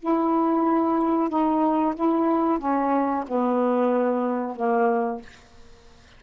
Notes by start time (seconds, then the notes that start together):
0.00 E4
1.30 D#4
1.95 E4
2.59 C#4
3.28 B3
4.56 A#3